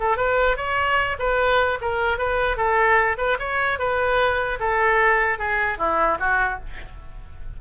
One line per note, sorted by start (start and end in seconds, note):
0.00 0.17 A4
0.17 0.57 B4
0.57 1.17 C#5
1.19 1.79 B4
1.81 2.18 A#4
2.18 2.57 B4
2.57 3.17 A4
3.18 3.38 B4
3.39 3.79 C#5
3.79 4.59 B4
4.60 5.38 A4
5.38 5.78 G#4
5.78 6.18 E4
6.20 6.60 F#4